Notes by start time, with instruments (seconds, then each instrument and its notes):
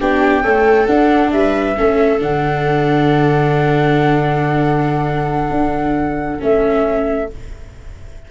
0.00 tuba B3, viola D4 G4, flute G5
0.43 viola A3 A4, tuba C#4
0.86 viola D4, tuba D4, flute F#5
1.32 tuba G3, viola B4, flute E5
1.77 tuba A3, viola C#4 A4
2.19 tuba D3, viola D4, flute F#5
5.50 tuba D4
6.39 tuba A3, viola C#4, flute E5